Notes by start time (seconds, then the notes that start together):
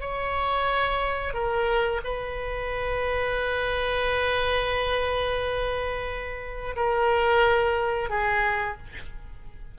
0.00 C#5
1.33 A#4
2.03 B4
6.76 A#4
8.09 G#4